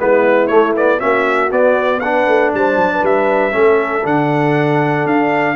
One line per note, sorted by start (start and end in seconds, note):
0.00 0.49 G#3
0.00 0.50 B3
0.00 0.99 E4
0.00 0.48 B4
0.48 1.00 A3
0.48 0.76 A3
0.48 0.73 C#5
0.76 0.99 B3
0.76 1.00 D5
0.99 1.52 A#3
0.99 1.50 C#4
0.99 2.01 F#4
0.99 1.51 E5
1.52 2.02 B3
1.52 2.28 B3
1.52 2.00 D5
2.00 3.52 D4
2.00 2.53 B4
2.00 2.51 F#5
2.28 2.53 A3
2.54 2.77 G3
2.54 2.94 C5
2.54 3.05 A5
2.77 3.02 F#3
2.94 3.53 B4
3.03 3.54 G3
3.03 4.07 E5
3.52 4.05 A3
3.52 4.03 C#4
3.52 5.56 A4
4.04 5.06 D3
4.04 5.56 D4
4.04 5.08 F#5
5.06 5.56 D4
5.06 5.56 F5